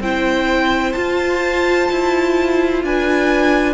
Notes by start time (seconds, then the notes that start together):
0.00 C4 E4 C5 G5
0.92 F4 A5
1.91 E4
2.83 D4 B4 G#5